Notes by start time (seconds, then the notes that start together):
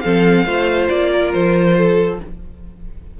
0.00 F3 C4 A4 F5
0.45 A3 F4 C5
0.89 A#3 D5
1.12 A#4
1.33 F3 C5
1.77 A4